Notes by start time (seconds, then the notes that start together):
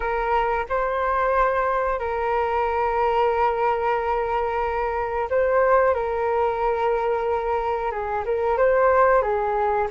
0.00 A#4
0.69 C5
1.99 A#4
5.30 C5
5.94 A#4
7.91 G#4
8.25 A#4
8.57 C5
9.22 G#4